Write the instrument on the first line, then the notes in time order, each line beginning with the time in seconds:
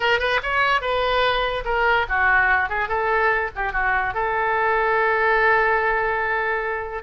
oboe
0.00 A#4
0.19 B4
0.43 C#5
0.81 B4
1.65 A#4
2.09 F#4
2.69 G#4
2.88 A4
3.55 G4
3.72 F#4
4.14 A4